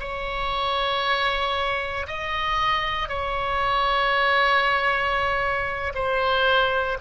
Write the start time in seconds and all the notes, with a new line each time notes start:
0.00 C#5
2.07 D#5
3.09 C#5
5.95 C5